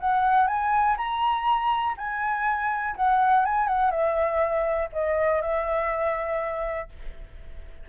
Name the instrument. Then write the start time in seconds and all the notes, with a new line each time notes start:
flute
0.00 F#5
0.47 G#5
0.97 A#5
1.97 G#5
2.96 F#5
3.45 G#5
3.68 F#5
3.91 E5
4.92 D#5
5.42 E5